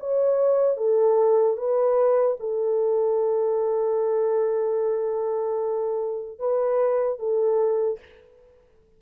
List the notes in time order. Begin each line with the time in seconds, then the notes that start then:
0.00 C#5
0.77 A4
1.57 B4
2.40 A4
6.39 B4
7.19 A4